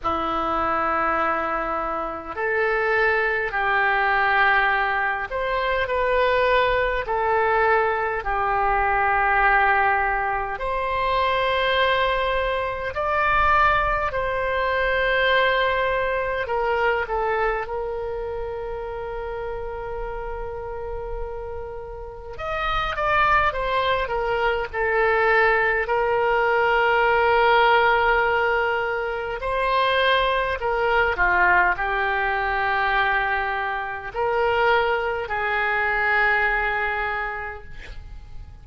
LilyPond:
\new Staff \with { instrumentName = "oboe" } { \time 4/4 \tempo 4 = 51 e'2 a'4 g'4~ | g'8 c''8 b'4 a'4 g'4~ | g'4 c''2 d''4 | c''2 ais'8 a'8 ais'4~ |
ais'2. dis''8 d''8 | c''8 ais'8 a'4 ais'2~ | ais'4 c''4 ais'8 f'8 g'4~ | g'4 ais'4 gis'2 | }